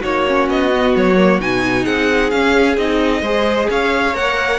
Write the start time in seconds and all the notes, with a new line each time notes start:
0.00 A#3 D#4 F#4 C#5
0.26 C#4
0.48 B3 D#5
0.73 B3
0.96 F#3 C#5
1.17 A#3
1.39 B2 D#4 G#5
1.83 C4 G#4 F#5
2.30 C#4 F5
2.77 C4 D#4 D#5
3.21 G#3 G#4 C5
3.70 C#4 C#5 F5
4.14 A#3 A#4 F#5